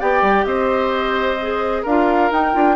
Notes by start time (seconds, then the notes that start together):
0.00 B3 G4 D5 G5
0.22 G3
0.45 C4 C5 D#5
1.41 G#4
1.83 D4 F4 A#4 F5
2.31 D#4 G5
2.54 D4 F4